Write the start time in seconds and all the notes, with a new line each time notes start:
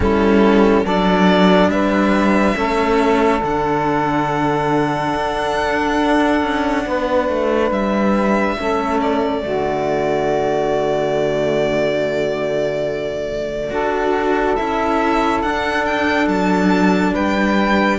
0.00 G3 C#4 E4 A4
0.84 F#3 D4 A4 D5
1.67 G3 B4 E5
2.56 A3 C#4 A4
3.43 D3 D4 F#5
5.15 D4
6.42 C#4
6.85 B3 B4
7.29 A3
7.71 G3 E5
8.58 A3 C#4 A4
9.01 D5
9.42 D3 A3 F#4
13.70 D4 F#4 A4
14.55 C#4 E4 E5
15.42 D4 F#5
15.85 G5
16.27 F#3 A5
17.12 G3 B4 G5